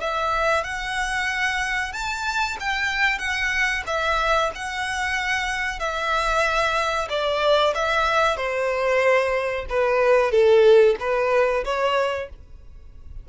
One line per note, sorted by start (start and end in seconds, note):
0.00 0.64 E5
0.64 1.92 F#5
1.92 2.57 A5
2.60 3.18 G5
3.18 3.83 F#5
3.86 4.51 E5
4.55 5.79 F#5
5.79 7.08 E5
7.09 7.73 D5
7.74 8.36 E5
8.36 9.65 C5
9.69 10.31 B4
10.31 10.95 A4
10.99 11.64 B4
11.64 12.29 C#5